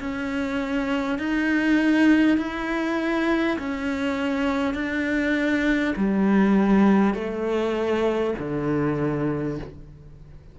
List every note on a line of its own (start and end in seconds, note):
0.00 1.19 C#4
1.19 2.38 D#4
2.38 3.58 E4
3.59 4.75 C#4
4.75 5.95 D4
5.97 7.15 G3
7.15 8.35 A3
8.39 9.59 D3